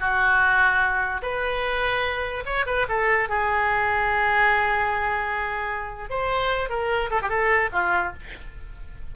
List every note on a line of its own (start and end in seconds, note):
0.00 1.22 F#4
1.23 2.44 B4
2.45 2.66 C#5
2.66 2.87 B4
2.89 3.29 A4
3.29 6.10 G#4
6.10 6.70 C5
6.70 7.10 A#4
7.11 7.21 A4
7.22 7.29 G4
7.29 7.70 A4
7.73 8.13 F4